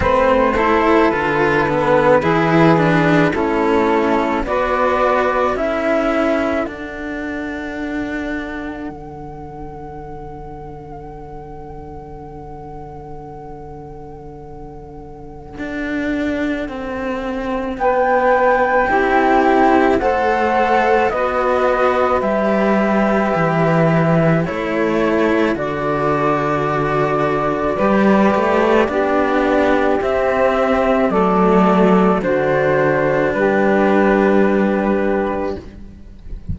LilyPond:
<<
  \new Staff \with { instrumentName = "flute" } { \time 4/4 \tempo 4 = 54 c''4 b'2 a'4 | d''4 e''4 fis''2~ | fis''1~ | fis''1 |
g''2 fis''4 dis''4 | e''2 cis''4 d''4~ | d''2. e''4 | d''4 c''4 b'2 | }
  \new Staff \with { instrumentName = "saxophone" } { \time 4/4 b'8 a'4. gis'4 e'4 | b'4 a'2.~ | a'1~ | a'1 |
b'4 g'4 c''4 b'4~ | b'2 a'2~ | a'4 b'4 g'2 | a'4 fis'4 g'2 | }
  \new Staff \with { instrumentName = "cello" } { \time 4/4 c'8 e'8 f'8 b8 e'8 d'8 cis'4 | fis'4 e'4 d'2~ | d'1~ | d'1~ |
d'4 e'4 a'4 fis'4 | g'2 e'4 fis'4~ | fis'4 g'4 d'4 c'4 | a4 d'2. | }
  \new Staff \with { instrumentName = "cello" } { \time 4/4 a4 d4 e4 a4 | b4 cis'4 d'2 | d1~ | d2 d'4 c'4 |
b4 c'4 a4 b4 | g4 e4 a4 d4~ | d4 g8 a8 b4 c'4 | fis4 d4 g2 | }
>>